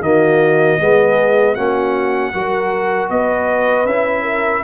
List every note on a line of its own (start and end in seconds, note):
0.00 0.77 D#3
0.00 0.79 A#3
0.00 0.80 F#4
0.00 1.55 D#5
0.79 1.56 G#3
0.79 1.56 B3
0.79 1.55 G#4
1.55 2.33 A#3
1.55 2.33 C#4
1.55 2.32 F#4
1.55 3.09 F#5
2.33 3.10 F#3
2.33 3.87 F#4
2.33 3.10 A#4
3.10 3.85 B3
3.10 4.23 B4
3.10 3.86 D#5
3.85 4.62 C#4
3.85 4.63 E4
3.85 4.63 E5
4.23 4.61 A#4